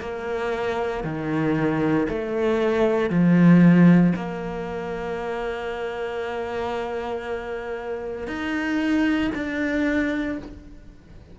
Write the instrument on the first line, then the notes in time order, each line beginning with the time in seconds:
cello
0.00 A#3
1.03 D#3
2.08 A3
3.09 F3
4.15 A#3
8.27 D#4
9.34 D4